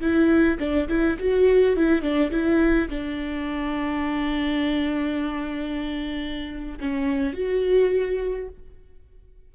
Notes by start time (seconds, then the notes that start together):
0.00 E4
0.59 D4
0.88 E4
1.19 F#4
1.76 E4
2.02 D4
2.31 E4
2.90 D4
6.80 C#4
7.33 F#4